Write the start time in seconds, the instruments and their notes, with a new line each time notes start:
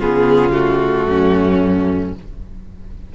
0.00 cello C#3, viola B3, violin F4 G#4
0.52 viola A3, violin F#4
1.06 cello F#2, violin C#4